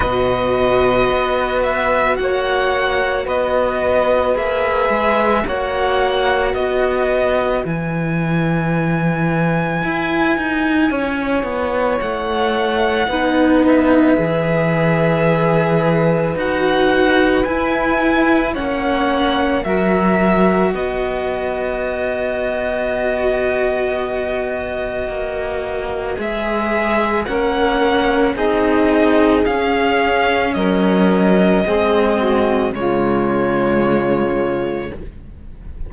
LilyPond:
<<
  \new Staff \with { instrumentName = "violin" } { \time 4/4 \tempo 4 = 55 dis''4. e''8 fis''4 dis''4 | e''4 fis''4 dis''4 gis''4~ | gis''2. fis''4~ | fis''8 e''2~ e''8 fis''4 |
gis''4 fis''4 e''4 dis''4~ | dis''1 | e''4 fis''4 dis''4 f''4 | dis''2 cis''2 | }
  \new Staff \with { instrumentName = "saxophone" } { \time 4/4 b'2 cis''4 b'4~ | b'4 cis''4 b'2~ | b'2 cis''2 | b'1~ |
b'4 cis''4 ais'4 b'4~ | b'1~ | b'4 ais'4 gis'2 | ais'4 gis'8 fis'8 f'2 | }
  \new Staff \with { instrumentName = "cello" } { \time 4/4 fis'1 | gis'4 fis'2 e'4~ | e'1 | dis'4 gis'2 fis'4 |
e'4 cis'4 fis'2~ | fis'1 | gis'4 cis'4 dis'4 cis'4~ | cis'4 c'4 gis2 | }
  \new Staff \with { instrumentName = "cello" } { \time 4/4 b,4 b4 ais4 b4 | ais8 gis8 ais4 b4 e4~ | e4 e'8 dis'8 cis'8 b8 a4 | b4 e2 dis'4 |
e'4 ais4 fis4 b4~ | b2. ais4 | gis4 ais4 c'4 cis'4 | fis4 gis4 cis2 | }
>>